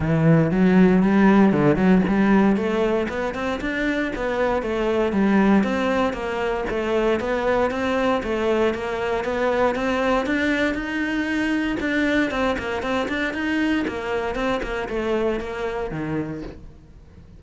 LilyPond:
\new Staff \with { instrumentName = "cello" } { \time 4/4 \tempo 4 = 117 e4 fis4 g4 d8 fis8 | g4 a4 b8 c'8 d'4 | b4 a4 g4 c'4 | ais4 a4 b4 c'4 |
a4 ais4 b4 c'4 | d'4 dis'2 d'4 | c'8 ais8 c'8 d'8 dis'4 ais4 | c'8 ais8 a4 ais4 dis4 | }